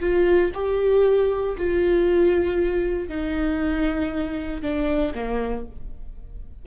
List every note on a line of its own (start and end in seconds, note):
0.00 0.51 F4
0.54 1.57 G4
1.57 3.08 F4
3.08 4.62 D#4
4.62 5.13 D4
5.14 5.66 A#3